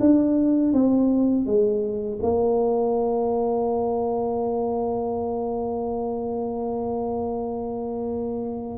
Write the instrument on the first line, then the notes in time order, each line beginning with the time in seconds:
tuba
0.00 D4
0.73 C4
1.47 G#3
2.23 A#3